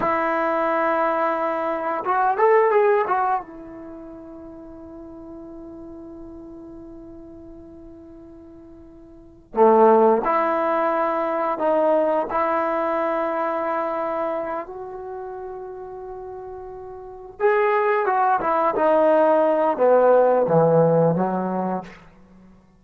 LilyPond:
\new Staff \with { instrumentName = "trombone" } { \time 4/4 \tempo 4 = 88 e'2. fis'8 a'8 | gis'8 fis'8 e'2.~ | e'1~ | e'2 a4 e'4~ |
e'4 dis'4 e'2~ | e'4. fis'2~ fis'8~ | fis'4. gis'4 fis'8 e'8 dis'8~ | dis'4 b4 e4 fis4 | }